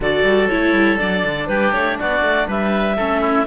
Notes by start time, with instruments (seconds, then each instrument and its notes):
0.00 cello D3, viola F#4, oboe A4, clarinet D5
0.23 cello G3
0.48 cello A3, viola E4, clarinet C#5
0.72 cello G3
0.98 cello F#3, viola D4, clarinet D5
1.24 cello D3
1.47 cello G3, oboe G4, clarinet B4
1.72 cello A3, clarinet C#5
1.98 cello B3, oboe F#4, clarinet D5
2.21 cello A3
2.47 cello G3, oboe B4, clarinet E5
2.96 cello A3, viola C#4, oboe A4
3.20 oboe E4